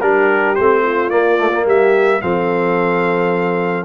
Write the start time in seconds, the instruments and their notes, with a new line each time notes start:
0.00 tuba G3, trombone D4, horn G4, trumpet A#4
0.55 tuba A3, trombone C4, trumpet C5
0.82 horn F4
1.10 trombone A#3, tuba A#3, trumpet D5
1.38 trombone A3
1.52 trombone A#3
1.65 tuba G3, horn G4, trumpet E5
2.21 tuba F3, trombone C4, horn A4, trumpet F5